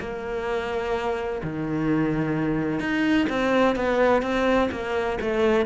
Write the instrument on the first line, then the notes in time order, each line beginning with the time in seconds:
cello
0.00 A#3
1.43 D#3
2.80 D#4
3.30 C4
3.76 B3
4.22 C4
4.72 A#3
5.21 A3